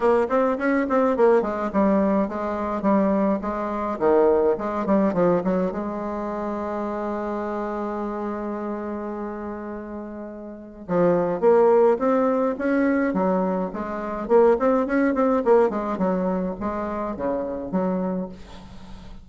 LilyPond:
\new Staff \with { instrumentName = "bassoon" } { \time 4/4 \tempo 4 = 105 ais8 c'8 cis'8 c'8 ais8 gis8 g4 | gis4 g4 gis4 dis4 | gis8 g8 f8 fis8 gis2~ | gis1~ |
gis2. f4 | ais4 c'4 cis'4 fis4 | gis4 ais8 c'8 cis'8 c'8 ais8 gis8 | fis4 gis4 cis4 fis4 | }